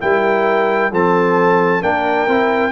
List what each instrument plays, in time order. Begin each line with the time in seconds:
0.00 tuba G3, trombone E4, horn A#4, trumpet G5
0.91 tuba F3, trombone C4, horn A4, trumpet A5
1.81 tuba A#3, trombone D4, horn A#4, trumpet G5
2.27 tuba C4, trombone E4